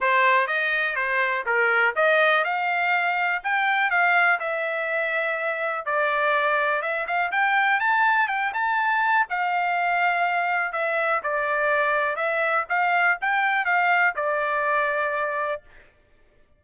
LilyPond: \new Staff \with { instrumentName = "trumpet" } { \time 4/4 \tempo 4 = 123 c''4 dis''4 c''4 ais'4 | dis''4 f''2 g''4 | f''4 e''2. | d''2 e''8 f''8 g''4 |
a''4 g''8 a''4. f''4~ | f''2 e''4 d''4~ | d''4 e''4 f''4 g''4 | f''4 d''2. | }